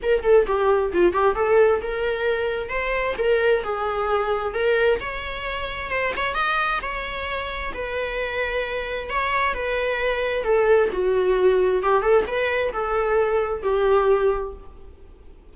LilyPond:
\new Staff \with { instrumentName = "viola" } { \time 4/4 \tempo 4 = 132 ais'8 a'8 g'4 f'8 g'8 a'4 | ais'2 c''4 ais'4 | gis'2 ais'4 cis''4~ | cis''4 c''8 cis''8 dis''4 cis''4~ |
cis''4 b'2. | cis''4 b'2 a'4 | fis'2 g'8 a'8 b'4 | a'2 g'2 | }